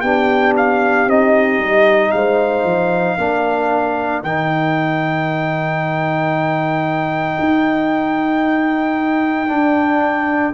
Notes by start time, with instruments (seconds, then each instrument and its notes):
0.00 tuba B3, trombone D4, horn G4, trumpet G5
0.57 trumpet F5
1.06 tuba C4, trombone D#4, trumpet D#5
1.59 tuba G3
2.11 tuba G#3, horn C5, trumpet F5
2.64 tuba F3
3.17 tuba A#3, trombone D4, horn A#4
4.22 tuba D#3, trombone D#4, trumpet G5
7.39 tuba D#4
9.47 trombone D4, tuba D4